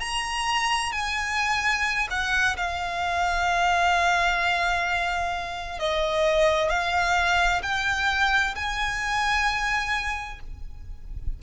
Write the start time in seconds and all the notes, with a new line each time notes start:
0.00 A#5
0.92 G#5
2.11 F#5
2.57 F5
5.79 D#5
6.70 F5
7.63 G5
8.56 G#5